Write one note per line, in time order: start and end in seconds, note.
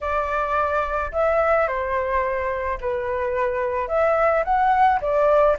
0.00 1.11 D5
1.12 1.67 E5
1.67 2.78 C5
2.81 3.88 B4
3.88 4.43 E5
4.44 5.00 F#5
5.01 5.56 D5